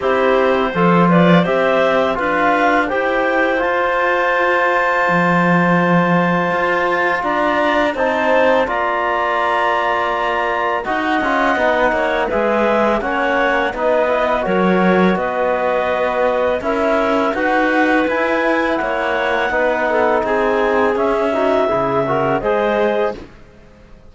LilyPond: <<
  \new Staff \with { instrumentName = "clarinet" } { \time 4/4 \tempo 4 = 83 c''4. d''8 e''4 f''4 | g''4 a''2.~ | a''2 ais''4 a''4 | ais''2. fis''4~ |
fis''4 e''4 fis''4 dis''4 | cis''4 dis''2 e''4 | fis''4 gis''4 fis''2 | gis''4 e''2 dis''4 | }
  \new Staff \with { instrumentName = "clarinet" } { \time 4/4 g'4 a'8 b'8 c''4 b'4 | c''1~ | c''2 d''4 c''4 | d''2. dis''4~ |
dis''8 cis''8 b'4 cis''4 b'4 | ais'4 b'2 ais'4 | b'2 cis''4 b'8 a'8 | gis'4. fis'8 gis'8 ais'8 c''4 | }
  \new Staff \with { instrumentName = "trombone" } { \time 4/4 e'4 f'4 g'4 f'4 | g'4 f'2.~ | f'2. dis'4 | f'2. fis'8 f'8 |
dis'4 gis'4 cis'4 dis'8 e'8 | fis'2. e'4 | fis'4 e'2 dis'4~ | dis'4 cis'8 dis'8 e'8 fis'8 gis'4 | }
  \new Staff \with { instrumentName = "cello" } { \time 4/4 c'4 f4 c'4 d'4 | e'4 f'2 f4~ | f4 f'4 d'4 c'4 | ais2. dis'8 cis'8 |
b8 ais8 gis4 ais4 b4 | fis4 b2 cis'4 | dis'4 e'4 ais4 b4 | c'4 cis'4 cis4 gis4 | }
>>